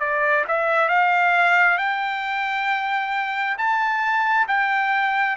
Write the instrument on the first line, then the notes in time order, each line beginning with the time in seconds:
trumpet
0.00 D5
0.48 E5
0.89 F5
1.78 G5
3.58 A5
4.48 G5